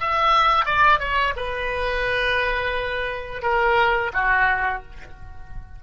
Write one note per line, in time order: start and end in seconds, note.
0.00 0.66 E5
0.66 0.99 D5
0.99 1.34 C#5
1.36 3.42 B4
3.42 4.11 A#4
4.13 4.82 F#4